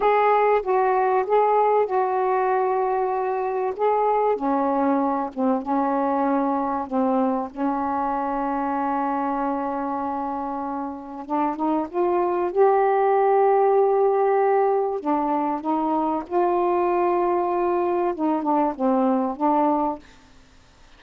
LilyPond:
\new Staff \with { instrumentName = "saxophone" } { \time 4/4 \tempo 4 = 96 gis'4 fis'4 gis'4 fis'4~ | fis'2 gis'4 cis'4~ | cis'8 c'8 cis'2 c'4 | cis'1~ |
cis'2 d'8 dis'8 f'4 | g'1 | d'4 dis'4 f'2~ | f'4 dis'8 d'8 c'4 d'4 | }